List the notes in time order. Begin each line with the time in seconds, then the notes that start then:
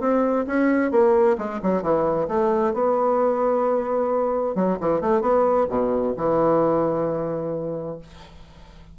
0.00 C4
0.47 C#4
0.91 A#3
1.38 G#3
1.62 F#3
1.82 E3
2.28 A3
2.74 B3
4.55 F#3
4.80 E3
5.01 A3
5.21 B3
5.69 B2
6.17 E3